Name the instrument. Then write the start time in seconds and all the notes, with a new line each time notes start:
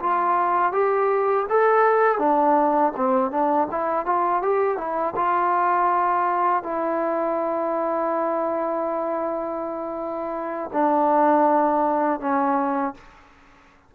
trombone
0.00 F4
0.73 G4
1.50 A4
2.19 D4
2.97 C4
3.31 D4
3.71 E4
4.06 F4
4.42 G4
4.78 E4
5.16 F4
6.64 E4
10.74 D4
12.21 C#4